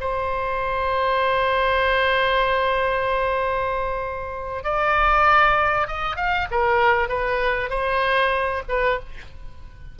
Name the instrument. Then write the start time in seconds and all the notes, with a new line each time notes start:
oboe
0.00 C5
4.63 D5
5.87 D#5
6.16 F5
6.51 A#4
7.08 B4
7.69 C5
8.68 B4